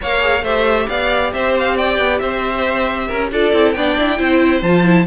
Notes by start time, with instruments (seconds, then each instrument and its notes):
0.01 cello A#3, viola A#4, violin C#5 F5
0.20 viola G#4
0.42 cello A3, viola G4, violin C5 E5
0.87 cello B3, violin D5 F5
1.33 cello C4, violin C5 E5
1.58 violin F5
1.76 violin D5 G5
1.98 cello B3
2.18 cello C4, violin C5 E5
3.07 cello C#4, violin A#4
3.31 cello D4, viola F4, violin A4 D5
3.53 cello C4, viola E4
3.72 cello B3, viola D4, violin D5 G5
3.98 cello E4
4.17 cello C4, viola E4, violin C5
4.62 cello F3, viola F4, violin A5
4.84 viola E4